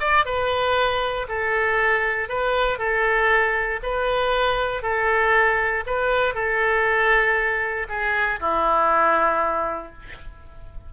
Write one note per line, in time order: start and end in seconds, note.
0.00 0.25 D5
0.25 1.27 B4
1.28 2.29 A4
2.29 2.79 B4
2.79 3.80 A4
3.83 4.82 B4
4.82 5.84 A4
5.86 6.34 B4
6.34 7.87 A4
7.89 8.40 G#4
8.40 9.93 E4